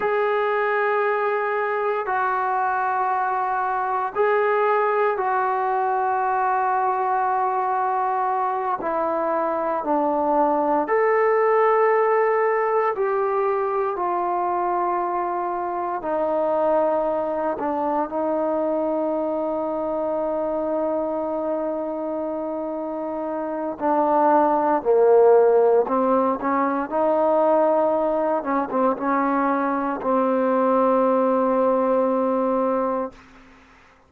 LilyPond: \new Staff \with { instrumentName = "trombone" } { \time 4/4 \tempo 4 = 58 gis'2 fis'2 | gis'4 fis'2.~ | fis'8 e'4 d'4 a'4.~ | a'8 g'4 f'2 dis'8~ |
dis'4 d'8 dis'2~ dis'8~ | dis'2. d'4 | ais4 c'8 cis'8 dis'4. cis'16 c'16 | cis'4 c'2. | }